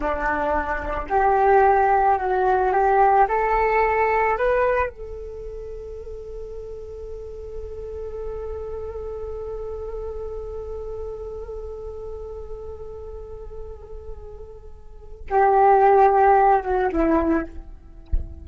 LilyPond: \new Staff \with { instrumentName = "flute" } { \time 4/4 \tempo 4 = 110 d'2 g'2 | fis'4 g'4 a'2 | b'4 a'2.~ | a'1~ |
a'1~ | a'1~ | a'1 | g'2~ g'8 fis'8 e'4 | }